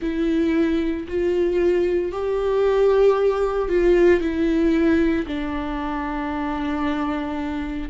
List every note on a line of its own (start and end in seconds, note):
0.01 1.07 E4
1.08 2.11 F4
2.11 3.68 G4
3.68 4.21 F4
4.21 5.26 E4
5.26 7.89 D4